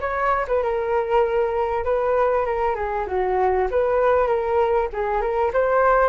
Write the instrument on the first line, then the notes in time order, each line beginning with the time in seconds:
flute
0.00 C#5
0.47 B4
0.62 A#4
1.84 B4
2.45 A#4
2.75 G#4
3.06 F#4
3.70 B4
4.27 A#4
4.93 G#4
5.21 A#4
5.53 C5